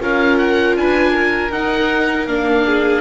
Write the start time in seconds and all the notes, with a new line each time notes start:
0.00 C#4 F4 A#4 F5
0.38 F#5
0.76 D4 B4 G#5
1.12 A#4
1.51 D#4 F#5
2.26 A#3 D4 F5
2.66 G#4